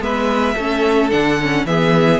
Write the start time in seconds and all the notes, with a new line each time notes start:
0.00 G#3 B3 B4 E5
0.55 A3 C#4 A4
1.10 D3 D4 F#5
1.41 C#4
1.65 E3 B3 G#4 E5